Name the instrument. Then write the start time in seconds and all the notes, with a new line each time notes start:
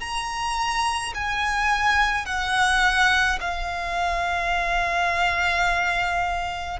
violin
0.00 A#5
1.14 G#5
2.25 F#5
3.40 F5